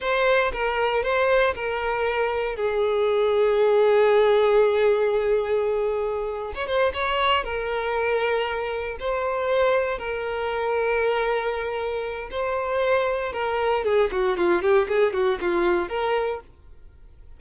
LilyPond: \new Staff \with { instrumentName = "violin" } { \time 4/4 \tempo 4 = 117 c''4 ais'4 c''4 ais'4~ | ais'4 gis'2.~ | gis'1~ | gis'8. cis''16 c''8 cis''4 ais'4.~ |
ais'4. c''2 ais'8~ | ais'1 | c''2 ais'4 gis'8 fis'8 | f'8 g'8 gis'8 fis'8 f'4 ais'4 | }